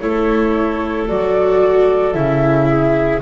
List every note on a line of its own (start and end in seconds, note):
0.00 1.09 A3
0.00 1.08 E4
0.00 2.68 A4
0.00 1.07 C#5
1.08 2.15 F#3
1.08 2.14 F#4
1.08 2.13 D5
2.13 3.21 C#3
2.13 3.21 E4
2.13 3.21 E5
2.68 3.21 G#4